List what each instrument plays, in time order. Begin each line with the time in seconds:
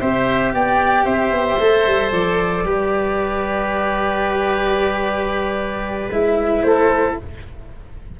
0.00 tuba C4, cello G4, oboe C5, flute E5
0.53 tuba B3, oboe D5, flute G5
1.05 tuba C4, oboe C5, flute E5
1.31 tuba B3
1.60 tuba A3, cello A4
1.86 tuba G3
2.12 tuba F3, flute D5
2.64 tuba G3, cello G4, oboe B4
6.10 tuba G#3, cello E4, flute E5
6.63 tuba A3, oboe A4, flute C5